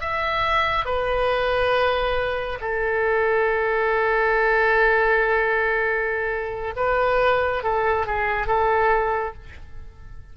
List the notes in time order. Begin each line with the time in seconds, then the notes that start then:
0.00 E5
0.85 B4
2.61 A4
6.76 B4
7.63 A4
8.06 G#4
8.47 A4